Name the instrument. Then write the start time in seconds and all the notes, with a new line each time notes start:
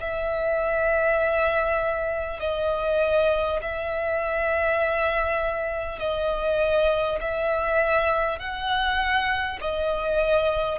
violin
0.00 E5
2.39 D#5
3.62 E5
5.99 D#5
7.21 E5
8.39 F#5
9.61 D#5